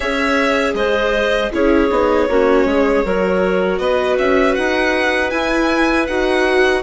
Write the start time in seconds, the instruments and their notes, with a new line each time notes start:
0.00 bassoon C#4, viola G#4, clarinet C#5, violin E5
0.73 bassoon G#3, clarinet C5, violin D#5
1.52 bassoon C#4, viola E4, clarinet G#4, violin C#5
1.90 bassoon B3, viola D#4
2.28 bassoon A#3, viola C#4, clarinet F#4
2.64 bassoon G#3, clarinet G#4
3.04 bassoon F#3, viola F#4, clarinet A#4
3.78 bassoon B3, clarinet B4, violin D#5
4.18 bassoon C#4, violin E5
4.54 bassoon D#4, violin F#5
5.30 viola E4, bassoon E4, violin G#5
6.07 bassoon D#4, viola F#4, violin F#5